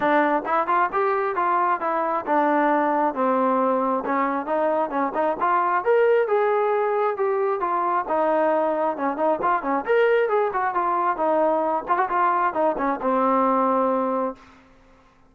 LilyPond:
\new Staff \with { instrumentName = "trombone" } { \time 4/4 \tempo 4 = 134 d'4 e'8 f'8 g'4 f'4 | e'4 d'2 c'4~ | c'4 cis'4 dis'4 cis'8 dis'8 | f'4 ais'4 gis'2 |
g'4 f'4 dis'2 | cis'8 dis'8 f'8 cis'8 ais'4 gis'8 fis'8 | f'4 dis'4. f'16 fis'16 f'4 | dis'8 cis'8 c'2. | }